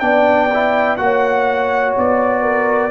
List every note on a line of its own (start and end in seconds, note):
0.00 0.99 B3
0.00 0.49 D4
0.00 1.00 D5
0.00 0.97 G5
0.54 0.98 E4
0.97 1.96 A#3
0.97 2.92 F#4
0.97 1.94 F#5
1.03 2.43 C#5
1.98 2.92 B3
1.98 2.92 D5
2.43 2.91 A#4